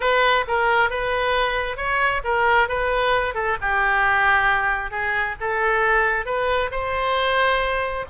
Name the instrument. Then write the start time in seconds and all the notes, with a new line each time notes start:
oboe
0.00 B4
0.47 A#4
0.90 B4
1.76 C#5
2.24 A#4
2.68 B4
3.34 A4
3.61 G4
4.91 G#4
5.40 A4
6.25 B4
6.71 C5